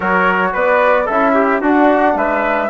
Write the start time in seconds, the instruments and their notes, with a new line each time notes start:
0.00 bassoon F#3, trombone F#4, trumpet A#4, flute C#5
0.52 bassoon B3, trumpet B4, flute D5
1.05 bassoon C#4, trombone E4, trumpet A4, flute E5
1.34 trumpet G4
1.61 bassoon D4, trombone D4, trumpet F#4, flute F#5
2.15 bassoon G#3, trumpet B4, flute E5